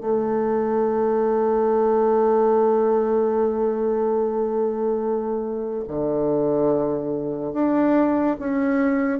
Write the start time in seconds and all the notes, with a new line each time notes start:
0.00 A3
5.87 D3
7.53 D4
8.39 C#4